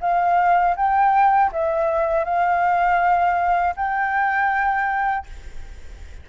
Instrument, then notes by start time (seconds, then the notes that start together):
flute
0.00 F5
0.76 G5
1.52 E5
2.24 F5
3.76 G5